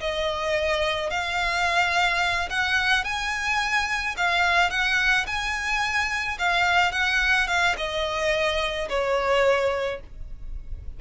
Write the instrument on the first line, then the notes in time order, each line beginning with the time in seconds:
violin
0.00 D#5
1.10 F5
2.50 F#5
3.04 G#5
4.17 F5
4.70 F#5
5.26 G#5
6.38 F5
6.92 F#5
7.47 F5
7.77 D#5
8.89 C#5